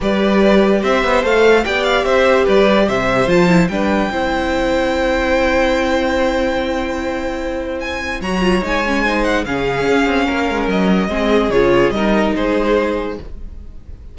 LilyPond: <<
  \new Staff \with { instrumentName = "violin" } { \time 4/4 \tempo 4 = 146 d''2 e''4 f''4 | g''8 f''8 e''4 d''4 e''4 | a''4 g''2.~ | g''1~ |
g''2. gis''4 | ais''4 gis''4. fis''8 f''4~ | f''2 dis''2 | cis''4 dis''4 c''2 | }
  \new Staff \with { instrumentName = "violin" } { \time 4/4 b'2 c''2 | d''4 c''4 b'4 c''4~ | c''4 b'4 c''2~ | c''1~ |
c''1 | cis''2 c''4 gis'4~ | gis'4 ais'2 gis'4~ | gis'4 ais'4 gis'2 | }
  \new Staff \with { instrumentName = "viola" } { \time 4/4 g'2. a'4 | g'1 | f'8 e'8 d'4 e'2~ | e'1~ |
e'1 | fis'8 f'8 dis'8 cis'8 dis'4 cis'4~ | cis'2. c'4 | f'4 dis'2. | }
  \new Staff \with { instrumentName = "cello" } { \time 4/4 g2 c'8 b8 a4 | b4 c'4 g4 c4 | f4 g4 c'2~ | c'1~ |
c'1 | fis4 gis2 cis4 | cis'8 c'8 ais8 gis8 fis4 gis4 | cis4 g4 gis2 | }
>>